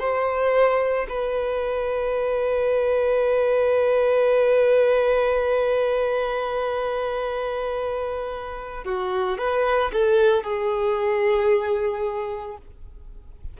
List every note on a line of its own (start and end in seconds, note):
0.00 1.07 C5
1.10 8.84 B4
8.84 9.38 F#4
9.38 9.92 B4
9.93 10.44 A4
10.44 12.58 G#4